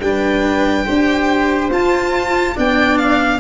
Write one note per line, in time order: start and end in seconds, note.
0.00 0.85 G3
0.00 0.85 D4
0.00 0.85 B4
0.00 1.70 G5
0.85 1.70 D4
0.85 1.70 G4
0.85 2.54 C5
1.70 2.54 F4
1.70 2.55 F4
1.70 2.57 A5
2.55 3.40 B3
2.55 3.40 D4
2.55 3.39 D5
2.55 2.98 G5
2.98 3.40 F5